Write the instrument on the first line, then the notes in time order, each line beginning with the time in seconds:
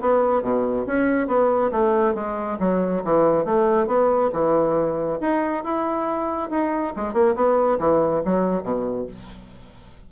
bassoon
0.00 B3
0.42 B2
0.86 C#4
1.27 B3
1.71 A3
2.14 G#3
2.59 F#3
3.04 E3
3.44 A3
3.87 B3
4.32 E3
5.20 D#4
5.63 E4
6.50 D#4
6.96 G#3
7.13 A#3
7.35 B3
7.79 E3
8.25 F#3
8.63 B2